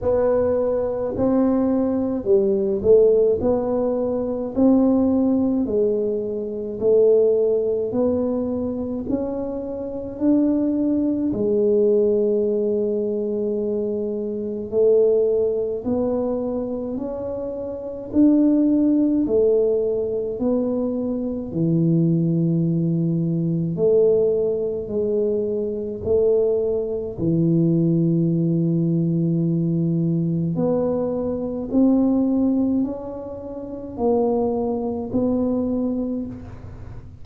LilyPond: \new Staff \with { instrumentName = "tuba" } { \time 4/4 \tempo 4 = 53 b4 c'4 g8 a8 b4 | c'4 gis4 a4 b4 | cis'4 d'4 gis2~ | gis4 a4 b4 cis'4 |
d'4 a4 b4 e4~ | e4 a4 gis4 a4 | e2. b4 | c'4 cis'4 ais4 b4 | }